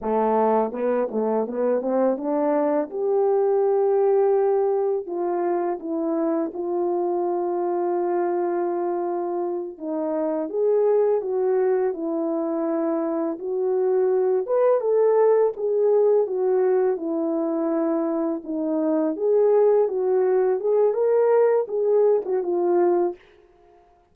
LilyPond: \new Staff \with { instrumentName = "horn" } { \time 4/4 \tempo 4 = 83 a4 b8 a8 b8 c'8 d'4 | g'2. f'4 | e'4 f'2.~ | f'4. dis'4 gis'4 fis'8~ |
fis'8 e'2 fis'4. | b'8 a'4 gis'4 fis'4 e'8~ | e'4. dis'4 gis'4 fis'8~ | fis'8 gis'8 ais'4 gis'8. fis'16 f'4 | }